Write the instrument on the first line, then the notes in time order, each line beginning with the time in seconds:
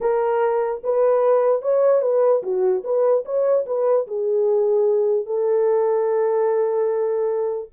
horn
0.00 A#4
0.83 B4
1.61 C#5
2.01 B4
2.42 F#4
2.83 B4
3.25 C#5
3.66 B4
4.07 G#4
5.26 A4